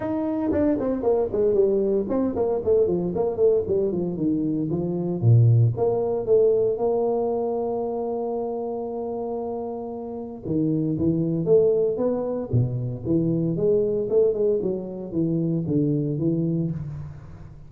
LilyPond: \new Staff \with { instrumentName = "tuba" } { \time 4/4 \tempo 4 = 115 dis'4 d'8 c'8 ais8 gis8 g4 | c'8 ais8 a8 f8 ais8 a8 g8 f8 | dis4 f4 ais,4 ais4 | a4 ais2.~ |
ais1 | dis4 e4 a4 b4 | b,4 e4 gis4 a8 gis8 | fis4 e4 d4 e4 | }